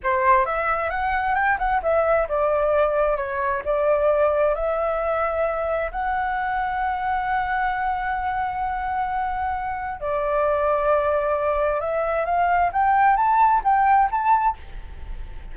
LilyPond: \new Staff \with { instrumentName = "flute" } { \time 4/4 \tempo 4 = 132 c''4 e''4 fis''4 g''8 fis''8 | e''4 d''2 cis''4 | d''2 e''2~ | e''4 fis''2.~ |
fis''1~ | fis''2 d''2~ | d''2 e''4 f''4 | g''4 a''4 g''4 a''4 | }